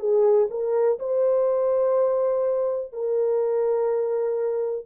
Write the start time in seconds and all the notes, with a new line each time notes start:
0.00 G#4
0.51 A#4
0.99 C5
2.93 A#4